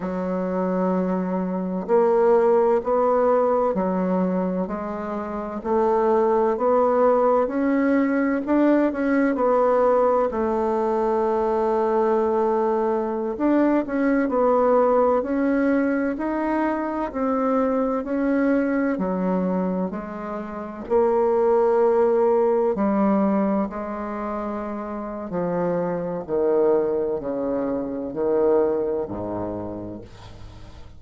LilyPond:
\new Staff \with { instrumentName = "bassoon" } { \time 4/4 \tempo 4 = 64 fis2 ais4 b4 | fis4 gis4 a4 b4 | cis'4 d'8 cis'8 b4 a4~ | a2~ a16 d'8 cis'8 b8.~ |
b16 cis'4 dis'4 c'4 cis'8.~ | cis'16 fis4 gis4 ais4.~ ais16~ | ais16 g4 gis4.~ gis16 f4 | dis4 cis4 dis4 gis,4 | }